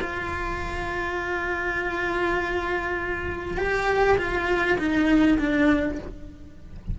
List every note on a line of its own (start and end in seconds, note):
0.00 3.57 F4
3.57 4.17 G4
4.17 4.77 F4
4.78 5.38 D#4
5.38 5.98 D4